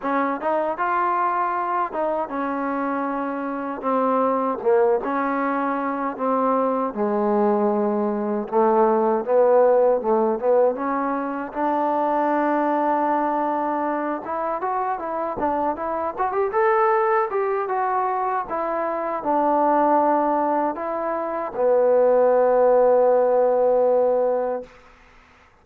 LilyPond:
\new Staff \with { instrumentName = "trombone" } { \time 4/4 \tempo 4 = 78 cis'8 dis'8 f'4. dis'8 cis'4~ | cis'4 c'4 ais8 cis'4. | c'4 gis2 a4 | b4 a8 b8 cis'4 d'4~ |
d'2~ d'8 e'8 fis'8 e'8 | d'8 e'8 fis'16 g'16 a'4 g'8 fis'4 | e'4 d'2 e'4 | b1 | }